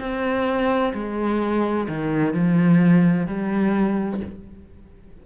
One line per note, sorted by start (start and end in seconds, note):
0.00 0.94 C4
0.94 1.88 G#3
1.89 2.34 D#3
2.34 3.27 F3
3.27 4.21 G3